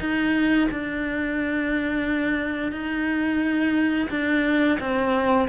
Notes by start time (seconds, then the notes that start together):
0.00 D#4
0.71 D4
2.72 D#4
4.10 D4
4.80 C4